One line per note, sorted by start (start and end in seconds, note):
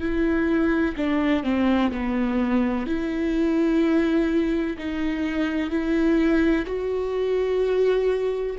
0.00 0.95 E4
0.97 1.43 D4
1.43 1.91 C4
1.91 2.86 B3
2.86 4.77 E4
4.78 5.70 D#4
5.70 6.65 E4
6.66 8.56 F#4